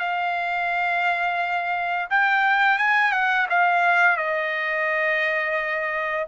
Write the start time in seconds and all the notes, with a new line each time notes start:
0.00 F5
2.11 G5
2.79 G#5
3.12 F#5
3.50 F5
4.17 D#5